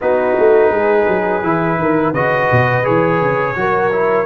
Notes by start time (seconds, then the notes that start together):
0.01 B3 D#4 F#4 B4
0.38 A3
0.71 G#3 G#4
1.08 F#3
1.42 E3 E4
1.78 D#3 A#4
2.12 C#3 F#4 B4 D#5
2.51 B2
2.83 E3 G#4 C#5
3.21 C#3
3.55 F#3 F#4 A#4
3.92 E4